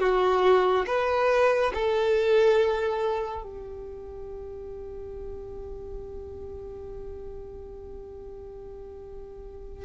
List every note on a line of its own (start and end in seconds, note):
0.00 0.86 F#4
0.87 1.73 B4
1.75 3.43 A4
3.43 9.85 G4